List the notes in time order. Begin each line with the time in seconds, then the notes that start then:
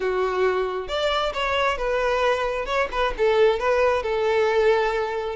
0.00 F#4
0.88 D5
1.33 C#5
1.77 B4
2.65 C#5
2.91 B4
3.17 A4
3.59 B4
4.03 A4